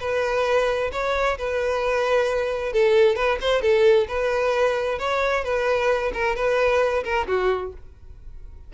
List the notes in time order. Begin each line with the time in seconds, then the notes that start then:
0.00 B4
0.92 C#5
1.38 B4
2.73 A4
3.16 B4
3.41 C5
3.62 A4
4.08 B4
4.99 C#5
5.44 B4
6.14 A#4
6.36 B4
7.04 A#4
7.27 F#4